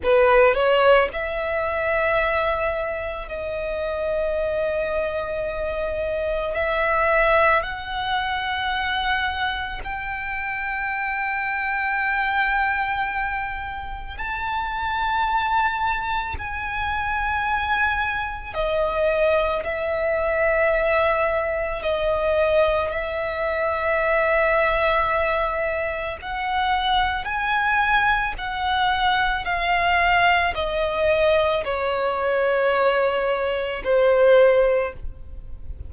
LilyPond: \new Staff \with { instrumentName = "violin" } { \time 4/4 \tempo 4 = 55 b'8 cis''8 e''2 dis''4~ | dis''2 e''4 fis''4~ | fis''4 g''2.~ | g''4 a''2 gis''4~ |
gis''4 dis''4 e''2 | dis''4 e''2. | fis''4 gis''4 fis''4 f''4 | dis''4 cis''2 c''4 | }